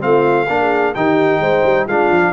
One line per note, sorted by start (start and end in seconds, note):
0.00 0.49 A3
0.00 0.46 C4
0.00 0.46 F4
0.00 0.95 F5
0.46 0.95 A#3
0.46 0.95 D4
0.46 0.58 A#4
0.61 0.95 G#4
0.95 1.40 D#3
0.95 1.89 D#4
0.95 1.41 G4
0.95 1.87 G5
1.40 1.63 G#3
1.40 1.86 C5
1.64 1.87 G3
1.86 2.10 G#3
1.86 2.33 D4
1.86 2.32 F4
1.86 2.33 F5
2.11 2.33 F3